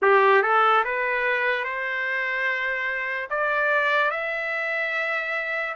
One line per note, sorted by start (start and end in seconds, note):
0.01 0.42 G4
0.42 0.83 A4
0.84 1.64 B4
1.64 3.28 C5
3.30 4.10 D5
4.10 5.75 E5